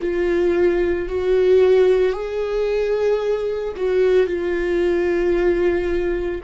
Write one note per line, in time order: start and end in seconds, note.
0.00 1.08 F4
1.08 2.12 F#4
2.12 3.73 G#4
3.76 4.27 F#4
4.27 6.41 F4